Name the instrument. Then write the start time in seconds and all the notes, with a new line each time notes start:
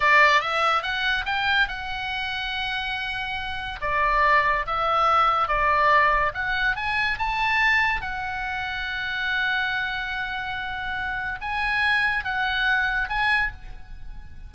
oboe
0.00 D5
0.41 E5
0.82 F#5
1.25 G5
1.68 F#5
3.81 D5
4.66 E5
5.47 D5
6.34 F#5
6.76 G#5
7.18 A5
8.01 F#5
11.41 G#5
12.24 F#5
13.09 G#5